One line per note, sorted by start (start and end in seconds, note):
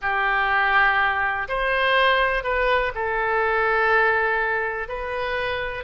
0.01 1.48 G4
1.48 2.43 C5
2.43 2.92 B4
2.94 4.88 A4
4.88 5.84 B4